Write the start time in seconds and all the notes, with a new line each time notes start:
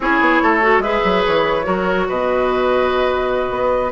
0.00 C#4 E4 G#4 C#5
0.20 B3
0.42 A3 A4
0.62 F#4
0.78 G#3 G#4 B4 E5
1.04 F#3
1.25 E3 C#5
1.63 F#3 F#4 A#4
2.08 B2 B4 D#5
3.50 B3